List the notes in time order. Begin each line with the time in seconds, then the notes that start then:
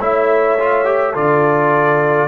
0.00 A3 E4 C#5 E5
0.59 F4
0.85 G4
1.12 D3 F4 A4 D5